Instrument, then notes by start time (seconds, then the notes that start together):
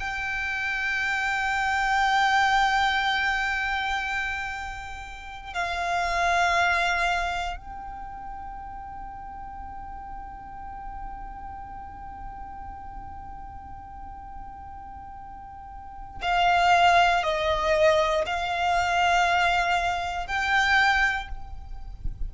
violin
0.00 G5
5.54 F5
7.57 G5
16.22 F5
17.23 D#5
18.26 F5
20.27 G5